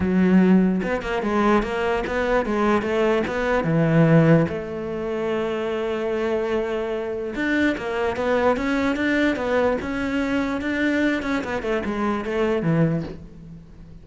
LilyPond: \new Staff \with { instrumentName = "cello" } { \time 4/4 \tempo 4 = 147 fis2 b8 ais8 gis4 | ais4 b4 gis4 a4 | b4 e2 a4~ | a1~ |
a2 d'4 ais4 | b4 cis'4 d'4 b4 | cis'2 d'4. cis'8 | b8 a8 gis4 a4 e4 | }